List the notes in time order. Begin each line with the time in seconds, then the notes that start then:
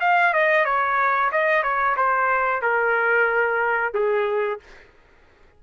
0.00 F5
0.33 D#5
0.64 C#5
1.31 D#5
1.62 C#5
1.96 C5
2.62 A#4
3.94 G#4